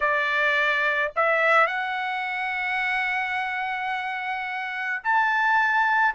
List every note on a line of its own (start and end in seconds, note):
0.00 1.12 D5
1.15 1.66 E5
1.66 5.03 F#5
5.03 6.14 A5